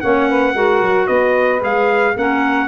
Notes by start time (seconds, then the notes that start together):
0.00 A#3 C#4 C#5 F#5
0.28 B4
0.53 G#3 F#4 A#4
0.81 F#3
1.07 B3 B4 D#5
1.59 G#3 G#4 F5
2.16 A#3 C#4 A#4 F#5